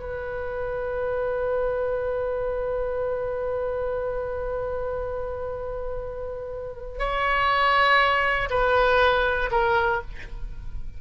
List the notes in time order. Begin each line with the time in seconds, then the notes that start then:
0.00 B4
6.99 C#5
8.50 B4
9.51 A#4